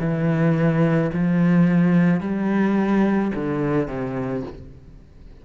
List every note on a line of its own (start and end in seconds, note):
0.00 1.11 E3
1.14 2.21 F3
2.21 3.32 G3
3.35 3.88 D3
3.88 4.44 C3